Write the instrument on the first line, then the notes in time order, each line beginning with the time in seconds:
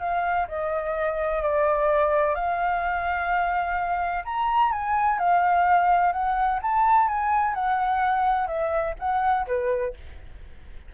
flute
0.00 F5
0.48 D#5
1.42 D5
2.35 F5
4.25 A#5
4.72 G#5
5.19 F5
6.12 F#5
6.62 A5
7.08 G#5
7.55 F#5
8.47 E5
8.99 F#5
9.47 B4